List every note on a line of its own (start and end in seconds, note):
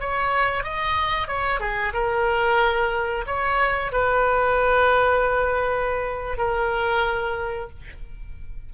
0.00 0.64 C#5
0.64 1.27 D#5
1.27 1.60 C#5
1.60 1.93 G#4
1.93 3.25 A#4
3.26 3.92 C#5
3.92 6.37 B4
6.37 7.69 A#4